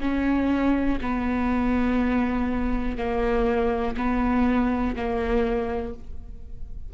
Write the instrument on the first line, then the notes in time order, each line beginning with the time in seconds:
viola
0.00 C#4
1.01 B3
2.96 A#3
3.96 B3
4.95 A#3